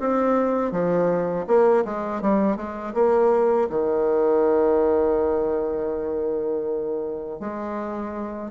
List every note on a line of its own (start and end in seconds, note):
0.00 0.72 C4
0.72 1.46 F3
1.47 1.85 A#3
1.85 2.22 G#3
2.22 2.57 G3
2.57 2.94 G#3
2.94 3.68 A#3
3.70 7.40 D#3
7.40 8.51 G#3